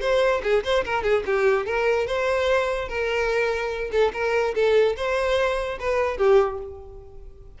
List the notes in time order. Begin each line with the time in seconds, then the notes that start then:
0.00 C5
0.43 G#4
0.63 C5
0.84 A#4
1.03 G#4
1.26 G4
1.66 A#4
2.06 C5
2.88 A#4
3.91 A4
4.13 A#4
4.54 A4
4.96 C5
5.79 B4
6.17 G4